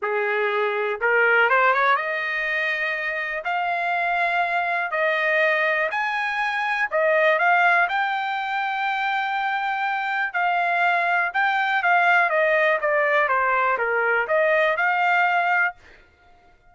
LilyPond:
\new Staff \with { instrumentName = "trumpet" } { \time 4/4 \tempo 4 = 122 gis'2 ais'4 c''8 cis''8 | dis''2. f''4~ | f''2 dis''2 | gis''2 dis''4 f''4 |
g''1~ | g''4 f''2 g''4 | f''4 dis''4 d''4 c''4 | ais'4 dis''4 f''2 | }